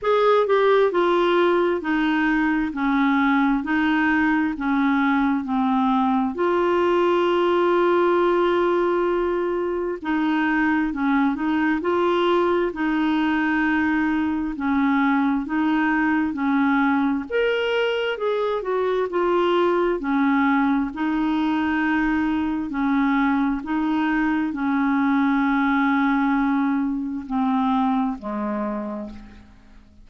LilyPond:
\new Staff \with { instrumentName = "clarinet" } { \time 4/4 \tempo 4 = 66 gis'8 g'8 f'4 dis'4 cis'4 | dis'4 cis'4 c'4 f'4~ | f'2. dis'4 | cis'8 dis'8 f'4 dis'2 |
cis'4 dis'4 cis'4 ais'4 | gis'8 fis'8 f'4 cis'4 dis'4~ | dis'4 cis'4 dis'4 cis'4~ | cis'2 c'4 gis4 | }